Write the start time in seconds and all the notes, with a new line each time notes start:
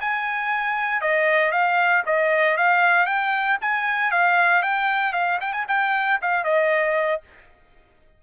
0.00 G#5
1.01 D#5
1.51 F5
2.06 D#5
2.57 F5
3.06 G5
3.61 G#5
4.11 F5
4.62 G5
5.13 F5
5.41 G5
5.52 G#5
5.68 G5
6.21 F5
6.44 D#5